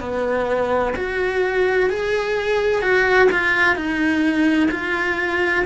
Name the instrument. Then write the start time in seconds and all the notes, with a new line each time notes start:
cello
0.00 B3
0.96 F#4
1.90 G#4
2.82 F#4
3.32 F4
3.75 D#4
4.71 F4